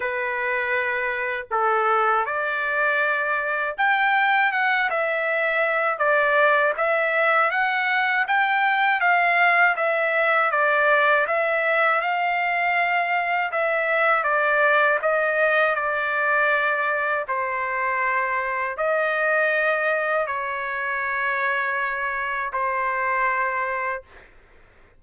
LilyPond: \new Staff \with { instrumentName = "trumpet" } { \time 4/4 \tempo 4 = 80 b'2 a'4 d''4~ | d''4 g''4 fis''8 e''4. | d''4 e''4 fis''4 g''4 | f''4 e''4 d''4 e''4 |
f''2 e''4 d''4 | dis''4 d''2 c''4~ | c''4 dis''2 cis''4~ | cis''2 c''2 | }